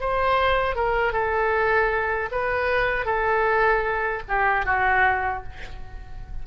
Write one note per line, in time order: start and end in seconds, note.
0.00 0.75 C5
0.75 1.13 A#4
1.13 2.30 A4
2.31 3.05 B4
3.05 4.22 A4
4.28 4.65 G4
4.65 5.43 F#4